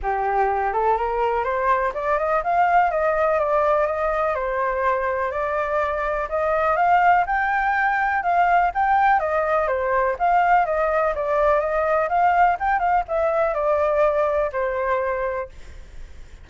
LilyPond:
\new Staff \with { instrumentName = "flute" } { \time 4/4 \tempo 4 = 124 g'4. a'8 ais'4 c''4 | d''8 dis''8 f''4 dis''4 d''4 | dis''4 c''2 d''4~ | d''4 dis''4 f''4 g''4~ |
g''4 f''4 g''4 dis''4 | c''4 f''4 dis''4 d''4 | dis''4 f''4 g''8 f''8 e''4 | d''2 c''2 | }